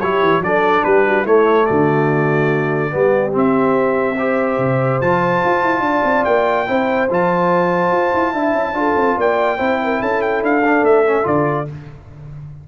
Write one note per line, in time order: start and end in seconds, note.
0.00 0.21 F#3
0.00 0.43 E4
0.00 0.43 G4
0.00 0.42 C#5
0.21 0.40 E3
0.40 0.82 F#3
0.40 1.26 D4
0.40 0.84 A4
0.40 0.84 D5
0.84 1.25 G3
0.84 1.05 G4
0.84 1.25 B4
1.05 1.22 F#4
1.22 1.67 A3
1.22 2.90 A3
1.22 1.64 E4
1.22 1.66 C#5
1.66 2.94 D3
1.66 2.92 F#4
1.66 3.32 D5
2.90 3.35 G3
2.90 3.31 B3
2.90 4.17 G4
3.31 4.15 C4
3.31 4.58 C4
3.31 5.01 E5
4.17 5.02 G4
4.17 5.84 C5
4.58 5.00 C3
5.01 5.42 F3
5.01 6.66 F4
5.01 6.24 A5
5.44 5.62 F4
5.62 5.80 E4
5.80 6.01 D4
5.80 6.68 D5
6.03 6.24 C4
6.24 6.68 A#3
6.24 7.08 G5
6.66 7.10 C4
6.66 7.08 E4
6.66 8.33 C5
7.10 7.91 F3
7.10 8.35 F4
7.10 9.20 A5
7.91 8.12 F4
8.13 8.33 E4
8.33 8.53 D4
8.33 8.74 E4
8.33 8.74 E5
8.53 8.73 C#4
8.73 8.94 D4
8.73 9.58 F4
8.73 9.17 A4
8.96 9.17 C4
9.17 9.59 A#3
9.17 9.57 D5
9.17 10.02 G5
9.57 10.01 C4
9.57 10.62 E4
9.57 9.78 C5
9.83 10.00 A#4
10.00 10.42 C#4
10.00 11.66 A4
10.00 10.21 A5
10.21 10.42 G5
10.42 10.82 D4
10.42 10.84 F5
10.64 11.05 D4
10.82 11.24 A3
10.82 11.26 E5
11.05 11.23 C#4
11.23 11.67 D3
11.23 11.64 F4
11.23 11.68 D5